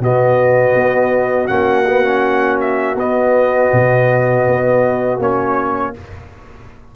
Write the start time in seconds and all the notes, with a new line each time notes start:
0.00 B2 B3 F#4 D#5
0.75 B3
1.48 A#3 C#4 F#5
1.87 B3
2.04 C#4
2.61 E5
2.96 B3 D#5
3.73 B2
4.48 B3
5.20 A#3 C#4 C#5